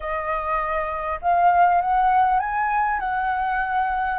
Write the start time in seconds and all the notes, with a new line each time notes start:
0.00 D#5
1.21 F5
1.81 F#5
2.39 G#5
2.99 F#5